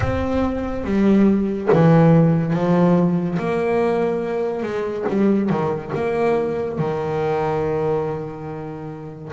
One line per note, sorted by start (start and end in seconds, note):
0.00 0.84 C4
0.84 1.69 G3
1.72 2.53 E3
2.53 3.38 F3
3.38 4.62 A#3
4.62 5.05 G#3
5.09 5.49 G3
5.49 5.92 D#3
5.94 6.78 A#3
6.78 9.31 D#3